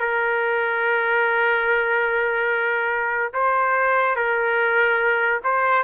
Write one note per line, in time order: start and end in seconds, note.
0.00 3.33 A#4
3.34 4.16 C5
4.16 5.41 A#4
5.44 5.84 C5